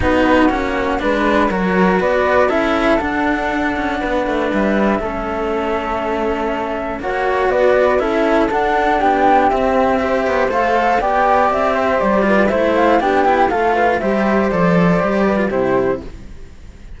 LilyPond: <<
  \new Staff \with { instrumentName = "flute" } { \time 4/4 \tempo 4 = 120 b'4 fis''4 b'4 cis''4 | d''4 e''4 fis''2~ | fis''4 e''2.~ | e''2 fis''4 d''4 |
e''4 fis''4 g''4 e''4~ | e''4 f''4 g''4 e''4 | d''4 e''8 f''8 g''4 f''4 | e''4 d''2 c''4 | }
  \new Staff \with { instrumentName = "flute" } { \time 4/4 fis'2 b'4 ais'4 | b'4 a'2. | b'2 a'2~ | a'2 cis''4 b'4 |
a'2 g'2 | c''2 d''4. c''8~ | c''8 b'8 c''4 g'4 a'8 b'8 | c''2~ c''8 b'8 g'4 | }
  \new Staff \with { instrumentName = "cello" } { \time 4/4 dis'4 cis'4 d'4 fis'4~ | fis'4 e'4 d'2~ | d'2 cis'2~ | cis'2 fis'2 |
e'4 d'2 c'4 | g'4 a'4 g'2~ | g'8 f'8 e'4 d'8 e'8 f'4 | g'4 a'4 g'8. f'16 e'4 | }
  \new Staff \with { instrumentName = "cello" } { \time 4/4 b4 ais4 gis4 fis4 | b4 cis'4 d'4. cis'8 | b8 a8 g4 a2~ | a2 ais4 b4 |
cis'4 d'4 b4 c'4~ | c'8 b8 a4 b4 c'4 | g4 a4 b4 a4 | g4 f4 g4 c4 | }
>>